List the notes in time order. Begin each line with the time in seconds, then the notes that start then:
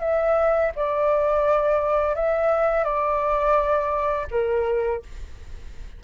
0.00 E5
0.76 D5
2.15 E5
2.84 D5
4.31 A#4